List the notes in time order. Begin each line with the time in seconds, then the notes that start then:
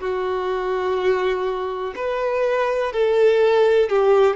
0.00 F#4
1.96 B4
2.93 A4
3.89 G4